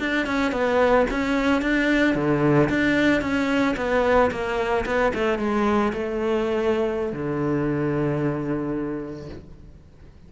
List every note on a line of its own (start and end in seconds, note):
0.00 0.27 D4
0.27 0.52 C#4
0.52 1.06 B3
1.11 1.62 C#4
1.62 2.15 D4
2.15 2.69 D3
2.70 3.22 D4
3.22 3.76 C#4
3.77 4.31 B3
4.31 4.86 A#3
4.86 5.13 B3
5.15 5.39 A3
5.39 5.93 G#3
5.94 7.13 A3
7.13 9.29 D3